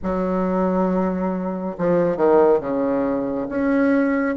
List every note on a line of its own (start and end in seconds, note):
0.02 1.76 F#3
1.77 2.16 F3
2.16 2.60 D#3
2.60 3.47 C#3
3.48 4.35 C#4